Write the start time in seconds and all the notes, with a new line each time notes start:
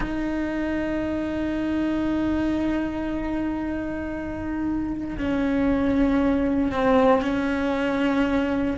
0.00 D#4
5.17 C#4
6.71 C4
7.21 C#4